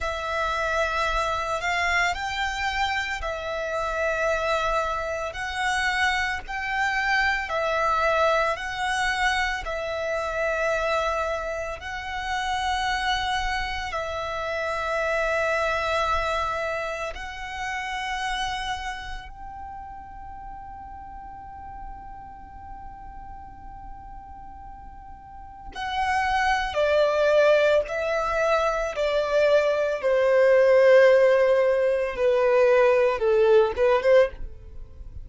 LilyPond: \new Staff \with { instrumentName = "violin" } { \time 4/4 \tempo 4 = 56 e''4. f''8 g''4 e''4~ | e''4 fis''4 g''4 e''4 | fis''4 e''2 fis''4~ | fis''4 e''2. |
fis''2 g''2~ | g''1 | fis''4 d''4 e''4 d''4 | c''2 b'4 a'8 b'16 c''16 | }